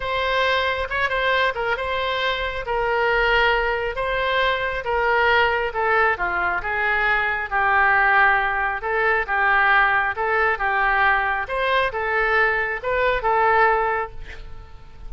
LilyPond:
\new Staff \with { instrumentName = "oboe" } { \time 4/4 \tempo 4 = 136 c''2 cis''8 c''4 ais'8 | c''2 ais'2~ | ais'4 c''2 ais'4~ | ais'4 a'4 f'4 gis'4~ |
gis'4 g'2. | a'4 g'2 a'4 | g'2 c''4 a'4~ | a'4 b'4 a'2 | }